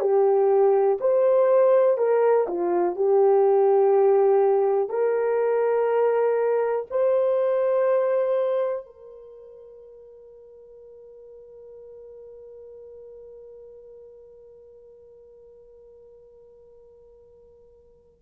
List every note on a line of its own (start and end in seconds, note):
0.00 0.98 G4
1.00 1.98 C5
1.98 2.47 A#4
2.48 2.96 F4
2.96 4.89 G4
4.89 6.86 A#4
6.91 8.86 C5
8.86 18.21 A#4